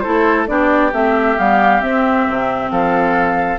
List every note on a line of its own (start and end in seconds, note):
0.00 0.47 E4
0.00 0.48 A4
0.00 0.44 C5
0.07 0.49 A3
0.47 0.93 B3
0.47 0.92 D4
0.47 2.72 G4
0.47 0.92 D5
0.92 1.37 A3
0.92 1.37 C4
0.92 1.38 E5
1.37 1.83 G3
1.37 1.81 B3
1.37 1.81 F5
1.81 3.58 C4
1.81 2.27 C4
1.81 2.70 E5
2.28 2.71 C3
2.71 3.59 F3
2.71 3.59 A4
2.71 3.59 F5